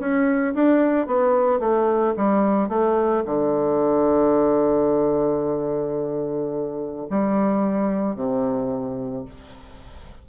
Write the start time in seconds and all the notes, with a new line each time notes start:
0.00 C#4
0.55 D4
1.07 B3
1.60 A3
2.17 G3
2.69 A3
3.26 D3
7.10 G3
8.16 C3